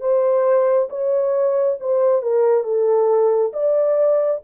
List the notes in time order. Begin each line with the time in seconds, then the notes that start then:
0.00 C5
0.89 C#5
1.80 C5
2.22 A#4
2.64 A4
3.53 D5